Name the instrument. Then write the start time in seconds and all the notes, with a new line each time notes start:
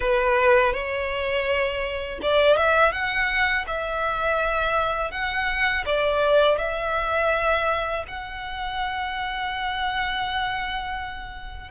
violin
0.00 B4
0.73 C#5
2.22 D5
2.56 E5
2.92 F#5
3.67 E5
5.11 F#5
5.85 D5
6.58 E5
8.07 F#5